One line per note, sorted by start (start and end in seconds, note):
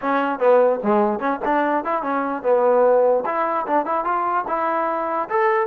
0.01 0.39 C#4
0.39 0.79 B3
0.83 1.19 G#3
1.19 1.39 C#4
1.44 1.84 D4
1.84 2.02 E4
2.02 2.43 C#4
2.43 3.24 B3
3.25 3.66 E4
3.66 3.85 D4
3.85 4.04 E4
4.04 4.45 F4
4.47 5.28 E4
5.29 5.66 A4